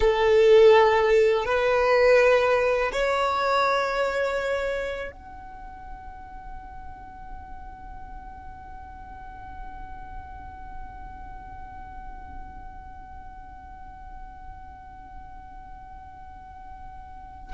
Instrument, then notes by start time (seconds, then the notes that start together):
violin
0.00 A4
1.45 B4
2.92 C#5
5.11 F#5